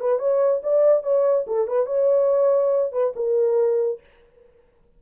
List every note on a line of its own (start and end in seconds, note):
0.00 0.19 B4
0.19 0.61 C#5
0.63 1.03 D5
1.03 1.45 C#5
1.47 1.67 A4
1.67 1.86 B4
1.86 2.92 C#5
2.92 3.13 B4
3.15 4.00 A#4